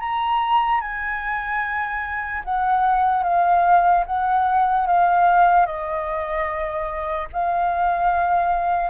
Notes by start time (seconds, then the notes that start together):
0.00 A#5
0.81 G#5
2.44 F#5
3.23 F5
4.06 F#5
4.87 F5
5.66 D#5
7.33 F5